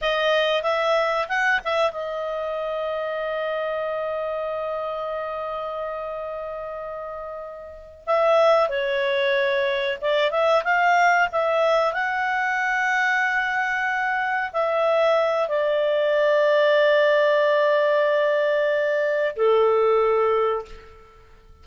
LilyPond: \new Staff \with { instrumentName = "clarinet" } { \time 4/4 \tempo 4 = 93 dis''4 e''4 fis''8 e''8 dis''4~ | dis''1~ | dis''1~ | dis''8 e''4 cis''2 d''8 |
e''8 f''4 e''4 fis''4.~ | fis''2~ fis''8 e''4. | d''1~ | d''2 a'2 | }